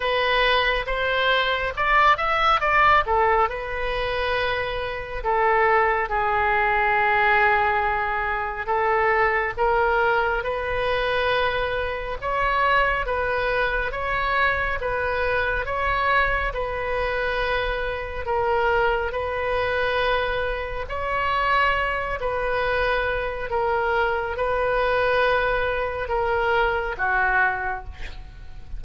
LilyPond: \new Staff \with { instrumentName = "oboe" } { \time 4/4 \tempo 4 = 69 b'4 c''4 d''8 e''8 d''8 a'8 | b'2 a'4 gis'4~ | gis'2 a'4 ais'4 | b'2 cis''4 b'4 |
cis''4 b'4 cis''4 b'4~ | b'4 ais'4 b'2 | cis''4. b'4. ais'4 | b'2 ais'4 fis'4 | }